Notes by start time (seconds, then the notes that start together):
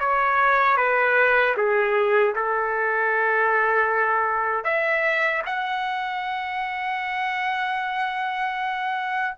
0.00 C#5
0.78 B4
1.57 G#4
2.36 A4
4.65 E5
5.47 F#5